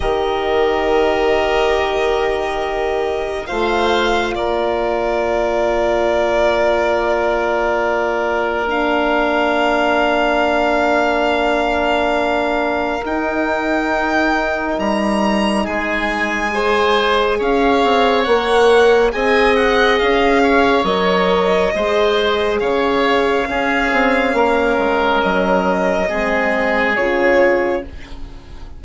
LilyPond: <<
  \new Staff \with { instrumentName = "violin" } { \time 4/4 \tempo 4 = 69 dis''1 | f''4 d''2.~ | d''2 f''2~ | f''2. g''4~ |
g''4 ais''4 gis''2 | f''4 fis''4 gis''8 fis''8 f''4 | dis''2 f''2~ | f''4 dis''2 cis''4 | }
  \new Staff \with { instrumentName = "oboe" } { \time 4/4 ais'1 | c''4 ais'2.~ | ais'1~ | ais'1~ |
ais'2 gis'4 c''4 | cis''2 dis''4. cis''8~ | cis''4 c''4 cis''4 gis'4 | ais'2 gis'2 | }
  \new Staff \with { instrumentName = "horn" } { \time 4/4 g'1 | f'1~ | f'2 d'2~ | d'2. dis'4~ |
dis'2. gis'4~ | gis'4 ais'4 gis'2 | ais'4 gis'2 cis'4~ | cis'2 c'4 f'4 | }
  \new Staff \with { instrumentName = "bassoon" } { \time 4/4 dis1 | a4 ais2.~ | ais1~ | ais2. dis'4~ |
dis'4 g4 gis2 | cis'8 c'8 ais4 c'4 cis'4 | fis4 gis4 cis4 cis'8 c'8 | ais8 gis8 fis4 gis4 cis4 | }
>>